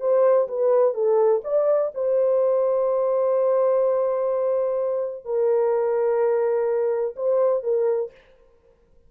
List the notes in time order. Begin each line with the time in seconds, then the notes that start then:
0.00 C5
0.48 B4
0.94 A4
1.44 D5
1.94 C5
5.25 A#4
7.16 C5
7.64 A#4